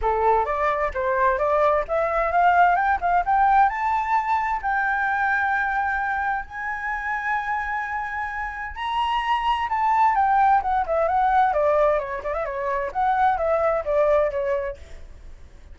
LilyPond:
\new Staff \with { instrumentName = "flute" } { \time 4/4 \tempo 4 = 130 a'4 d''4 c''4 d''4 | e''4 f''4 g''8 f''8 g''4 | a''2 g''2~ | g''2 gis''2~ |
gis''2. ais''4~ | ais''4 a''4 g''4 fis''8 e''8 | fis''4 d''4 cis''8 d''16 e''16 cis''4 | fis''4 e''4 d''4 cis''4 | }